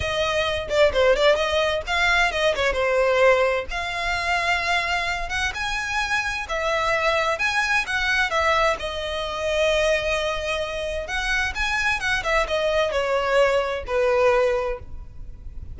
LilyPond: \new Staff \with { instrumentName = "violin" } { \time 4/4 \tempo 4 = 130 dis''4. d''8 c''8 d''8 dis''4 | f''4 dis''8 cis''8 c''2 | f''2.~ f''8 fis''8 | gis''2 e''2 |
gis''4 fis''4 e''4 dis''4~ | dis''1 | fis''4 gis''4 fis''8 e''8 dis''4 | cis''2 b'2 | }